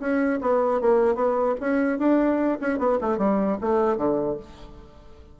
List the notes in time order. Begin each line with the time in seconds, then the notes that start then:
0.00 C#4
0.41 B3
0.81 A#3
1.16 B3
1.61 C#4
1.99 D4
2.61 C#4
2.79 B3
3.01 A3
3.18 G3
3.61 A3
3.98 D3